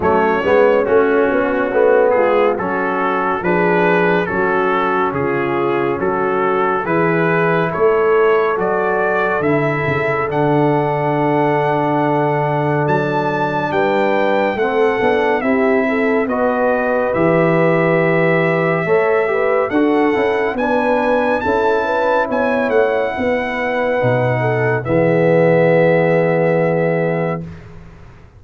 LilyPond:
<<
  \new Staff \with { instrumentName = "trumpet" } { \time 4/4 \tempo 4 = 70 cis''4 fis'4. gis'8 a'4 | b'4 a'4 gis'4 a'4 | b'4 cis''4 d''4 e''4 | fis''2. a''4 |
g''4 fis''4 e''4 dis''4 | e''2. fis''4 | gis''4 a''4 gis''8 fis''4.~ | fis''4 e''2. | }
  \new Staff \with { instrumentName = "horn" } { \time 4/4 cis'2~ cis'8 f'8 fis'4 | gis'4 fis'4 f'4 fis'4 | gis'4 a'2.~ | a'1 |
b'4 a'4 g'8 a'8 b'4~ | b'2 cis''8 b'8 a'4 | b'4 a'8 b'8 cis''4 b'4~ | b'8 a'8 gis'2. | }
  \new Staff \with { instrumentName = "trombone" } { \time 4/4 a8 b8 cis'4 b4 cis'4 | d'4 cis'2. | e'2 fis'4 e'4 | d'1~ |
d'4 c'8 d'8 e'4 fis'4 | g'2 a'8 g'8 fis'8 e'8 | d'4 e'2. | dis'4 b2. | }
  \new Staff \with { instrumentName = "tuba" } { \time 4/4 fis8 gis8 a8 b8 a8 gis8 fis4 | f4 fis4 cis4 fis4 | e4 a4 fis4 d8 cis8 | d2. fis4 |
g4 a8 b8 c'4 b4 | e2 a4 d'8 cis'8 | b4 cis'4 b8 a8 b4 | b,4 e2. | }
>>